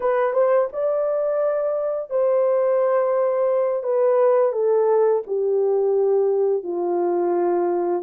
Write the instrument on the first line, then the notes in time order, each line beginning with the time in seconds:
horn
0.00 B4
0.33 C5
0.72 D5
2.10 C5
3.83 B4
4.52 A4
5.26 G4
6.63 F4